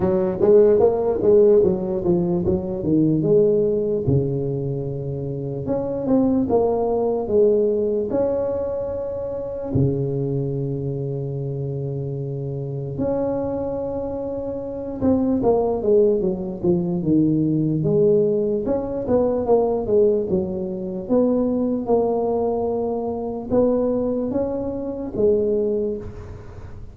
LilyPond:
\new Staff \with { instrumentName = "tuba" } { \time 4/4 \tempo 4 = 74 fis8 gis8 ais8 gis8 fis8 f8 fis8 dis8 | gis4 cis2 cis'8 c'8 | ais4 gis4 cis'2 | cis1 |
cis'2~ cis'8 c'8 ais8 gis8 | fis8 f8 dis4 gis4 cis'8 b8 | ais8 gis8 fis4 b4 ais4~ | ais4 b4 cis'4 gis4 | }